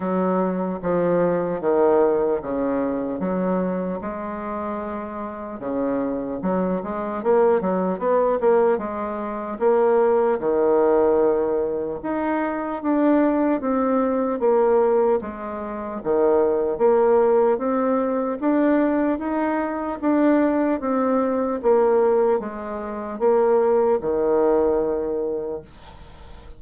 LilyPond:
\new Staff \with { instrumentName = "bassoon" } { \time 4/4 \tempo 4 = 75 fis4 f4 dis4 cis4 | fis4 gis2 cis4 | fis8 gis8 ais8 fis8 b8 ais8 gis4 | ais4 dis2 dis'4 |
d'4 c'4 ais4 gis4 | dis4 ais4 c'4 d'4 | dis'4 d'4 c'4 ais4 | gis4 ais4 dis2 | }